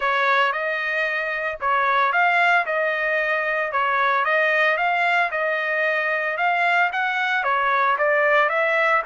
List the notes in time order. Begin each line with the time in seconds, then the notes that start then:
0.00 C#5
0.52 D#5
1.60 C#5
2.12 F5
2.65 D#5
3.72 C#5
4.24 D#5
4.77 F5
5.31 D#5
6.37 F5
6.92 F#5
7.43 C#5
7.97 D5
8.49 E5